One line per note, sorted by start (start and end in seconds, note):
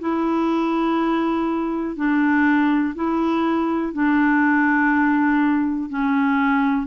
0.00 1.96 E4
1.96 2.95 D4
2.95 3.93 E4
3.93 5.90 D4
5.90 6.87 C#4